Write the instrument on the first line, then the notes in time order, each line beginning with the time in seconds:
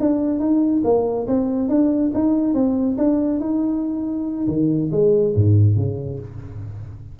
tuba
0.00 D4
0.40 D#4
0.84 A#3
1.27 C4
1.69 D4
2.14 D#4
2.54 C4
2.98 D4
3.40 D#4
4.48 D#3
4.92 G#3
5.35 G#2
5.77 C#3